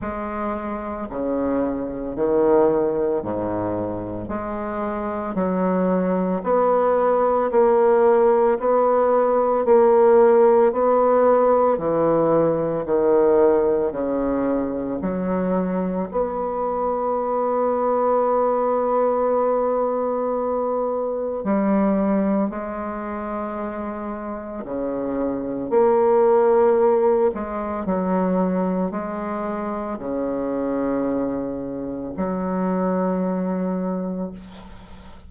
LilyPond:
\new Staff \with { instrumentName = "bassoon" } { \time 4/4 \tempo 4 = 56 gis4 cis4 dis4 gis,4 | gis4 fis4 b4 ais4 | b4 ais4 b4 e4 | dis4 cis4 fis4 b4~ |
b1 | g4 gis2 cis4 | ais4. gis8 fis4 gis4 | cis2 fis2 | }